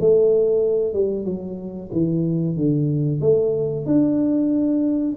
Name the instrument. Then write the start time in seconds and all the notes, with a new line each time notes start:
tuba
0.00 A3
0.93 G3
1.25 F#3
1.92 E3
2.56 D3
3.20 A3
3.85 D4